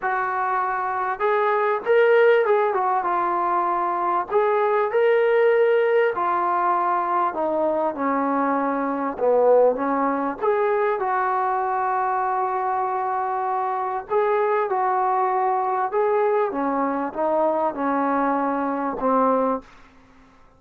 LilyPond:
\new Staff \with { instrumentName = "trombone" } { \time 4/4 \tempo 4 = 98 fis'2 gis'4 ais'4 | gis'8 fis'8 f'2 gis'4 | ais'2 f'2 | dis'4 cis'2 b4 |
cis'4 gis'4 fis'2~ | fis'2. gis'4 | fis'2 gis'4 cis'4 | dis'4 cis'2 c'4 | }